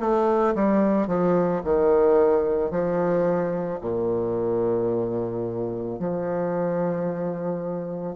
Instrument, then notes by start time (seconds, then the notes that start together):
bassoon
0.00 A3
0.55 G3
1.08 F3
1.64 D#3
2.71 F3
3.81 A#2
6.00 F3